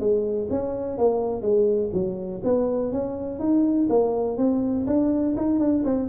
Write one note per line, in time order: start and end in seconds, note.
0.00 0.49 G#3
0.51 0.98 C#4
0.98 1.42 A#3
1.42 1.91 G#3
1.93 2.42 F#3
2.44 2.93 B3
2.93 3.40 C#4
3.40 3.89 D#4
3.90 4.38 A#3
4.38 4.87 C4
4.87 5.36 D4
5.37 5.60 D#4
5.60 5.84 D4
5.85 6.09 C4